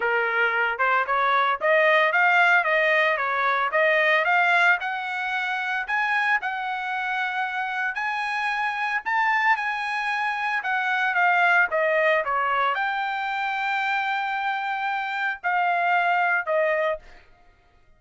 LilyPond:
\new Staff \with { instrumentName = "trumpet" } { \time 4/4 \tempo 4 = 113 ais'4. c''8 cis''4 dis''4 | f''4 dis''4 cis''4 dis''4 | f''4 fis''2 gis''4 | fis''2. gis''4~ |
gis''4 a''4 gis''2 | fis''4 f''4 dis''4 cis''4 | g''1~ | g''4 f''2 dis''4 | }